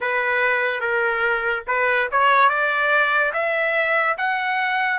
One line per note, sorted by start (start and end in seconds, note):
0.00 0.80 B4
0.80 1.63 A#4
1.67 2.08 B4
2.11 2.48 C#5
2.48 3.32 D5
3.33 4.16 E5
4.17 4.99 F#5